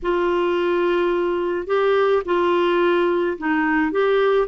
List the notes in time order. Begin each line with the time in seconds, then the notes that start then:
0.02 F4
1.66 G4
2.25 F4
3.38 D#4
3.91 G4